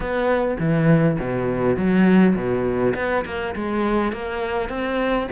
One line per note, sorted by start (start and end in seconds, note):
0.00 0.57 B3
0.59 1.18 E3
1.19 1.76 B2
1.76 2.35 F#3
2.35 2.94 B2
2.95 3.24 B3
3.25 3.54 A#3
3.55 4.12 G#3
4.12 4.69 A#3
4.69 5.28 C4